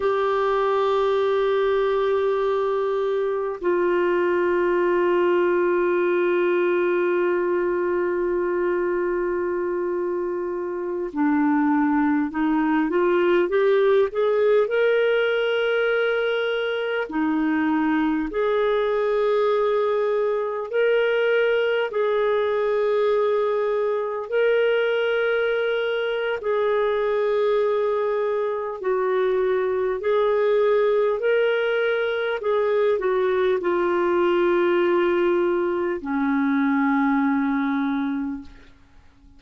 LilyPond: \new Staff \with { instrumentName = "clarinet" } { \time 4/4 \tempo 4 = 50 g'2. f'4~ | f'1~ | f'4~ f'16 d'4 dis'8 f'8 g'8 gis'16~ | gis'16 ais'2 dis'4 gis'8.~ |
gis'4~ gis'16 ais'4 gis'4.~ gis'16~ | gis'16 ais'4.~ ais'16 gis'2 | fis'4 gis'4 ais'4 gis'8 fis'8 | f'2 cis'2 | }